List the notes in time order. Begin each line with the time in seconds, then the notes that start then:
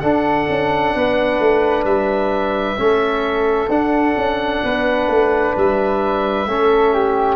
0.00 D4 A4 F#5
0.49 C#4
0.95 B3 B4
1.39 A3
1.85 G3 E5
2.77 A3 C#4 A4
3.69 D4 F#5
4.17 C#4
4.64 B3 B4
5.08 A3
5.57 G3 E5
6.47 A3 C#4 A4
6.93 G4